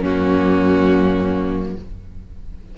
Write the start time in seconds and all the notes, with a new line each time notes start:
0.00 F#2 A#3 C#4 F#4